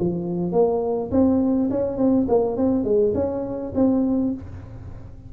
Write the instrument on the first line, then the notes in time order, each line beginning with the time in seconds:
tuba
0.00 F3
0.53 A#3
1.12 C4
1.71 C#4
1.98 C4
2.29 A#3
2.57 C4
2.84 G#3
3.15 C#4
3.75 C4